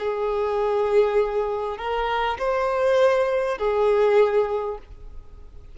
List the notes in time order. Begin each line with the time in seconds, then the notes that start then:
0.00 G#4
1.78 A#4
2.39 C5
3.58 G#4